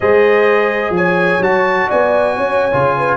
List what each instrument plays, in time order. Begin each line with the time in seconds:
0.00 tuba G#3, trombone G#4, horn C5, trumpet D#5
0.90 tuba F3, horn C#5, trumpet G#5
1.40 tuba F#3, trombone F#4, trumpet A5
1.88 tuba B3, horn D5, trumpet G#5
2.37 tuba C#4, horn C#5
2.72 tuba C#3, trombone F4
2.97 horn B4